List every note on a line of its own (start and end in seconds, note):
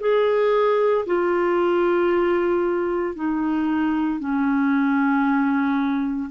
0.00 1.05 G#4
1.06 3.15 F4
3.15 4.20 D#4
4.20 6.30 C#4